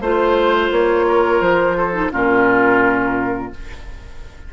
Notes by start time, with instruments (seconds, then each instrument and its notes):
0.00 bassoon A3, clarinet F4, oboe C5, flute C5
0.71 bassoon A#3, flute C#5
1.07 oboe A#4
1.41 bassoon F3, flute C5
1.77 oboe A4
1.93 clarinet D#4
2.11 bassoon A#2, clarinet C#4, oboe F4, flute A#4